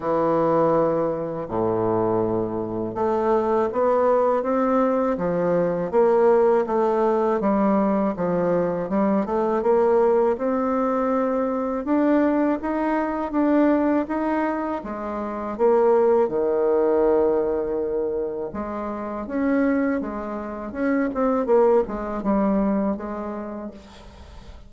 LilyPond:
\new Staff \with { instrumentName = "bassoon" } { \time 4/4 \tempo 4 = 81 e2 a,2 | a4 b4 c'4 f4 | ais4 a4 g4 f4 | g8 a8 ais4 c'2 |
d'4 dis'4 d'4 dis'4 | gis4 ais4 dis2~ | dis4 gis4 cis'4 gis4 | cis'8 c'8 ais8 gis8 g4 gis4 | }